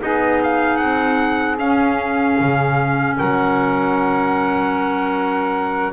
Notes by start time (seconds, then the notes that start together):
0.00 B3 D#4 G#4 D#5
0.43 F5
0.77 C4 F#5
1.58 C#4 F5
2.40 C#3
3.18 F#3 A#4 F#5